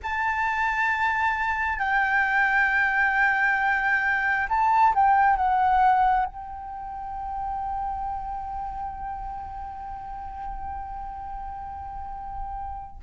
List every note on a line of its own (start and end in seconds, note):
0.02 1.78 A5
1.78 4.47 G5
4.48 4.93 A5
4.95 5.36 G5
5.36 6.25 F#5
6.25 12.97 G5